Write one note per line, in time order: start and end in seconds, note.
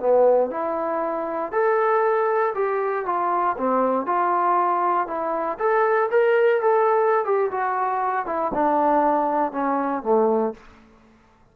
0.00 0.51 B3
0.51 1.52 E4
1.52 2.54 A4
2.55 3.06 G4
3.06 3.57 F4
3.58 4.06 C4
4.06 5.08 F4
5.08 5.58 E4
5.59 6.10 A4
6.11 6.62 A#4
6.62 7.25 A4
7.25 7.51 G4
7.52 8.26 F#4
8.26 8.52 E4
8.54 9.52 D4
9.52 10.03 C#4
10.03 10.54 A3